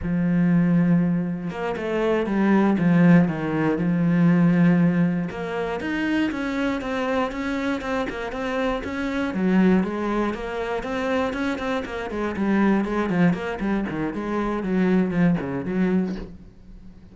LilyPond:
\new Staff \with { instrumentName = "cello" } { \time 4/4 \tempo 4 = 119 f2. ais8 a8~ | a8 g4 f4 dis4 f8~ | f2~ f8 ais4 dis'8~ | dis'8 cis'4 c'4 cis'4 c'8 |
ais8 c'4 cis'4 fis4 gis8~ | gis8 ais4 c'4 cis'8 c'8 ais8 | gis8 g4 gis8 f8 ais8 g8 dis8 | gis4 fis4 f8 cis8 fis4 | }